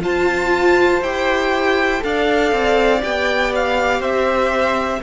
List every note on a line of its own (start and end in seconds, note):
0.00 1.00 F4
0.00 1.02 F4
0.00 2.03 C5
0.00 1.03 A5
1.02 2.02 E4
1.02 2.00 G4
1.02 2.03 G5
2.00 2.52 D4
2.00 3.00 A4
2.00 4.00 D5
2.00 3.02 F5
2.52 3.02 C4
3.00 4.00 B3
3.00 5.00 G4
3.00 3.52 G5
3.55 4.01 F5
4.00 5.00 C4
4.00 5.00 C5
4.00 5.01 E5